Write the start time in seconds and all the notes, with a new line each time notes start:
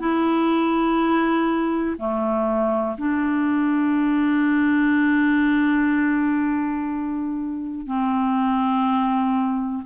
0.00 E4
1.98 A3
2.98 D4
7.86 C4